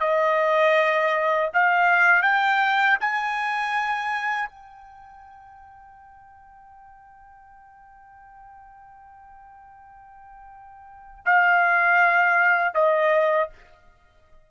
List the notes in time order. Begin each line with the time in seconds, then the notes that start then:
0.00 D#5
1.54 F5
2.23 G5
3.00 G#5
4.49 G5
11.26 F5
12.74 D#5